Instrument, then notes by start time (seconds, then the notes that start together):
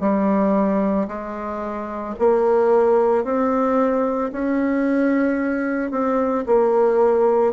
bassoon
0.00 G3
1.08 G#3
2.19 A#3
3.24 C4
4.32 C#4
5.91 C4
6.46 A#3